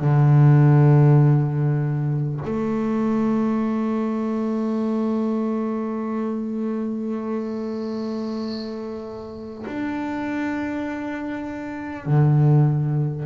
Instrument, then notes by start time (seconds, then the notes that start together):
double bass
0.00 D3
2.45 A3
9.66 D4
12.05 D3